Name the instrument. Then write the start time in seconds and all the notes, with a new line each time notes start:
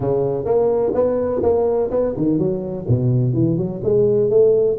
tuba
0.00 C#3
0.45 A#3
0.94 B3
1.42 A#3
1.90 B3
2.16 D#3
2.38 F#3
2.87 B2
3.33 E3
3.57 F#3
3.83 G#3
4.30 A3